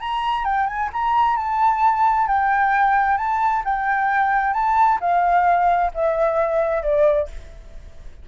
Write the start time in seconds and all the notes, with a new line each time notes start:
0.00 A#5
0.44 G5
0.66 G#5
0.92 A#5
1.37 A5
2.27 G5
3.17 A5
3.64 G5
4.53 A5
5.00 F5
5.94 E5
6.82 D5